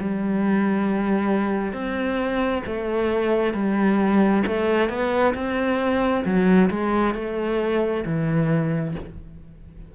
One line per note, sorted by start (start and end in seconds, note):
0.00 1.73 G3
1.73 2.63 C4
2.66 3.54 A3
3.54 4.43 G3
4.47 4.89 A3
4.89 5.34 B3
5.34 6.24 C4
6.25 6.70 F#3
6.70 7.14 G#3
7.14 8.04 A3
8.06 8.95 E3